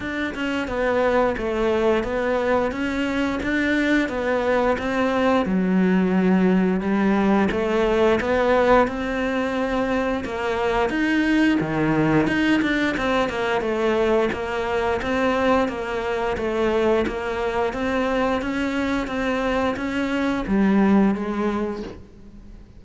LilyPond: \new Staff \with { instrumentName = "cello" } { \time 4/4 \tempo 4 = 88 d'8 cis'8 b4 a4 b4 | cis'4 d'4 b4 c'4 | fis2 g4 a4 | b4 c'2 ais4 |
dis'4 dis4 dis'8 d'8 c'8 ais8 | a4 ais4 c'4 ais4 | a4 ais4 c'4 cis'4 | c'4 cis'4 g4 gis4 | }